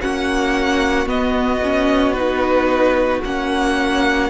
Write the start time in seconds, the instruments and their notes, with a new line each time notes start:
0.00 cello A#3, viola C#4, violin F#4 F#5
1.06 cello B3, viola B3, violin D#5
1.63 viola C#4
2.13 viola D#4, violin B4
3.25 cello A#3, viola C#4, violin F#5